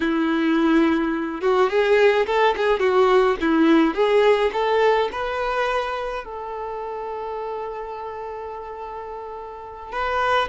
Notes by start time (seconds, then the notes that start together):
0.00 E4
1.41 F#4
1.69 G#4
2.26 A4
2.56 G#4
2.79 F#4
3.40 E4
3.94 G#4
4.52 A4
5.12 B4
6.24 A4
9.92 B4